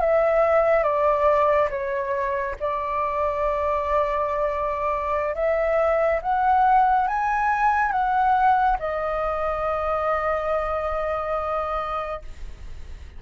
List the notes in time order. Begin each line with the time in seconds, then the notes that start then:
0.00 E5
0.83 D5
1.70 C#5
2.60 D5
5.35 E5
6.22 F#5
7.08 G#5
7.92 F#5
8.79 D#5